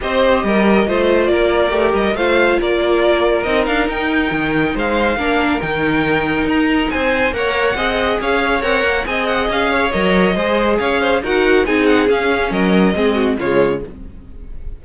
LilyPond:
<<
  \new Staff \with { instrumentName = "violin" } { \time 4/4 \tempo 4 = 139 dis''2. d''4~ | d''8 dis''8 f''4 d''2 | dis''8 f''8 g''2 f''4~ | f''4 g''2 ais''4 |
gis''4 fis''2 f''4 | fis''4 gis''8 fis''8 f''4 dis''4~ | dis''4 f''4 fis''4 gis''8 fis''8 | f''4 dis''2 cis''4 | }
  \new Staff \with { instrumentName = "violin" } { \time 4/4 c''4 ais'4 c''4 ais'4~ | ais'4 c''4 ais'2~ | ais'2. c''4 | ais'1 |
c''4 cis''4 dis''4 cis''4~ | cis''4 dis''4. cis''4. | c''4 cis''8 c''8 ais'4 gis'4~ | gis'4 ais'4 gis'8 fis'8 f'4 | }
  \new Staff \with { instrumentName = "viola" } { \time 4/4 g'2 f'2 | g'4 f'2. | dis'1 | d'4 dis'2.~ |
dis'4 ais'4 gis'2 | ais'4 gis'2 ais'4 | gis'2 fis'4 dis'4 | cis'2 c'4 gis4 | }
  \new Staff \with { instrumentName = "cello" } { \time 4/4 c'4 g4 a4 ais4 | a8 g8 a4 ais2 | c'8 d'8 dis'4 dis4 gis4 | ais4 dis2 dis'4 |
c'4 ais4 c'4 cis'4 | c'8 ais8 c'4 cis'4 fis4 | gis4 cis'4 dis'4 c'4 | cis'4 fis4 gis4 cis4 | }
>>